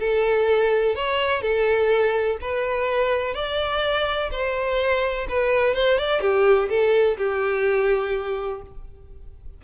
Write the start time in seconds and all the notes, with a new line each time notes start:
0.00 A4
0.96 C#5
1.42 A4
2.42 B4
3.35 D5
4.32 C5
5.29 B4
5.75 C5
5.99 D5
6.21 G4
6.69 A4
7.18 G4